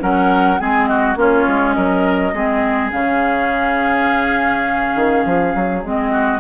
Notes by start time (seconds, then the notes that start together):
0.00 F#3 C#4 A#4 F#5
0.59 G#3 C4 G#4 G#5
0.87 F#4 D#5
1.16 A#3 C#4 F4 C#5
1.48 G#3
1.74 F#3 A#4 D#5
2.33 G#3 C4 G#4
2.91 C#3 C#4 F5
4.96 D#3
5.25 F3
5.55 F#3
5.84 G#3 C4 D#5
6.11 F#4